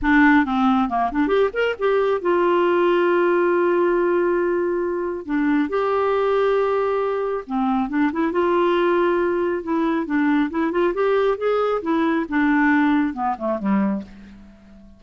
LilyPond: \new Staff \with { instrumentName = "clarinet" } { \time 4/4 \tempo 4 = 137 d'4 c'4 ais8 d'8 g'8 ais'8 | g'4 f'2.~ | f'1 | d'4 g'2.~ |
g'4 c'4 d'8 e'8 f'4~ | f'2 e'4 d'4 | e'8 f'8 g'4 gis'4 e'4 | d'2 b8 a8 g4 | }